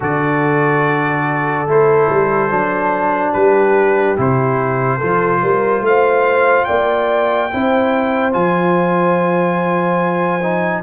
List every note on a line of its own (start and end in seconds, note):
0.00 1.67 D3
0.00 1.66 F#4
0.00 3.32 A4
0.00 1.69 D5
1.67 2.08 A3
1.67 2.50 E4
1.67 3.32 C5
2.09 2.50 G3
2.50 3.33 F#3
2.50 4.16 D4
3.32 4.17 G3
3.32 4.97 G4
3.32 4.16 B4
4.16 5.01 C3
4.16 5.00 E4
4.16 5.85 C5
4.97 5.41 F3
4.97 7.50 F4
4.97 5.39 A4
5.41 5.80 G3
5.41 5.83 A#4
5.80 6.64 A3
5.80 6.64 F5
5.87 6.67 C5
6.64 7.52 A#3
6.64 7.50 D5
6.64 8.31 G5
7.51 8.35 C4
7.51 8.31 E4
7.51 10.82 C5
8.31 10.82 F3
8.31 10.40 F4
8.31 10.82 G#5
10.42 10.82 D#4